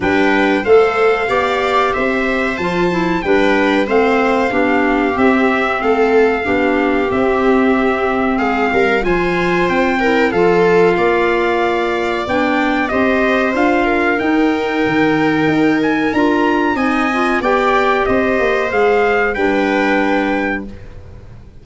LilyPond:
<<
  \new Staff \with { instrumentName = "trumpet" } { \time 4/4 \tempo 4 = 93 g''4 f''2 e''4 | a''4 g''4 f''2 | e''4 f''2 e''4~ | e''4 f''4 gis''4 g''4 |
f''2. g''4 | dis''4 f''4 g''2~ | g''8 gis''8 ais''4 gis''4 g''4 | dis''4 f''4 g''2 | }
  \new Staff \with { instrumentName = "viola" } { \time 4/4 b'4 c''4 d''4 c''4~ | c''4 b'4 c''4 g'4~ | g'4 a'4 g'2~ | g'4 gis'8 ais'8 c''4. ais'8 |
a'4 d''2. | c''4. ais'2~ ais'8~ | ais'2 dis''4 d''4 | c''2 b'2 | }
  \new Staff \with { instrumentName = "clarinet" } { \time 4/4 d'4 a'4 g'2 | f'8 e'8 d'4 c'4 d'4 | c'2 d'4 c'4~ | c'2 f'4. e'8 |
f'2. d'4 | g'4 f'4 dis'2~ | dis'4 f'4 dis'8 f'8 g'4~ | g'4 gis'4 d'2 | }
  \new Staff \with { instrumentName = "tuba" } { \time 4/4 g4 a4 b4 c'4 | f4 g4 a4 b4 | c'4 a4 b4 c'4~ | c'4 gis8 g8 f4 c'4 |
f4 ais2 b4 | c'4 d'4 dis'4 dis4 | dis'4 d'4 c'4 b4 | c'8 ais8 gis4 g2 | }
>>